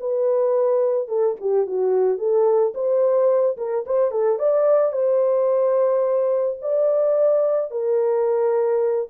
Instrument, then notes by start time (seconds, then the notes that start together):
horn
0.00 B4
1.08 A4
1.40 G4
1.66 F#4
2.18 A4
2.74 C5
3.57 A#4
3.86 C5
4.11 A4
4.38 D5
4.92 C5
6.61 D5
7.70 A#4